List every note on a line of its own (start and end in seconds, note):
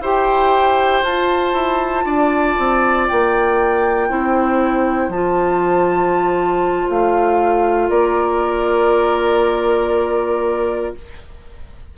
0.00 1.02 E4
0.00 1.05 G4
0.00 2.05 C5
0.00 1.04 G5
1.03 1.53 F4
1.03 4.10 F4
1.03 3.07 A5
1.53 2.04 E4
2.05 2.56 D4
2.05 4.09 D5
2.59 3.10 C4
3.08 4.10 A#3
3.08 5.11 G5
4.09 5.09 C4
4.09 5.11 E4
4.09 7.90 C5
5.09 6.87 F3
5.09 10.98 F4
5.09 6.89 A5
6.90 7.90 A3
6.90 7.90 F5
7.90 10.95 A#3
7.90 10.95 A#4
7.90 10.95 D5